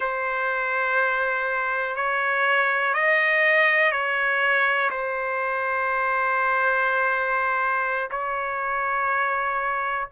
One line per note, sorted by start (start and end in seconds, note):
0.00 1.95 C5
1.95 2.94 C#5
2.94 3.91 D#5
3.91 4.90 C#5
4.90 8.10 C5
8.11 10.07 C#5